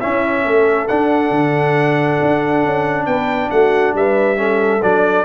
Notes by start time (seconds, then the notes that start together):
0.00 C#4 E4 E5
0.44 A3 A4
0.88 D4 F#5
1.30 D3
2.21 D4
2.65 C#4
3.06 B3 B4 G5
3.50 A3 F#4 F#5
3.94 G3 B4 E5
4.36 C#4 A4
4.82 F#3 D4 D5